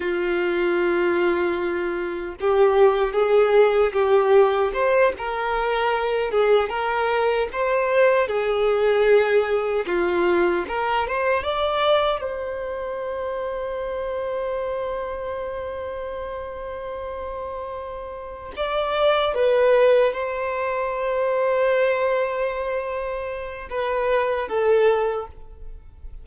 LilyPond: \new Staff \with { instrumentName = "violin" } { \time 4/4 \tempo 4 = 76 f'2. g'4 | gis'4 g'4 c''8 ais'4. | gis'8 ais'4 c''4 gis'4.~ | gis'8 f'4 ais'8 c''8 d''4 c''8~ |
c''1~ | c''2.~ c''8 d''8~ | d''8 b'4 c''2~ c''8~ | c''2 b'4 a'4 | }